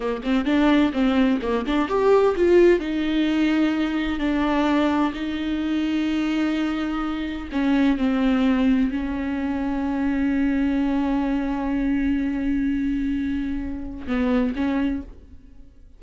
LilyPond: \new Staff \with { instrumentName = "viola" } { \time 4/4 \tempo 4 = 128 ais8 c'8 d'4 c'4 ais8 d'8 | g'4 f'4 dis'2~ | dis'4 d'2 dis'4~ | dis'1 |
cis'4 c'2 cis'4~ | cis'1~ | cis'1~ | cis'2 b4 cis'4 | }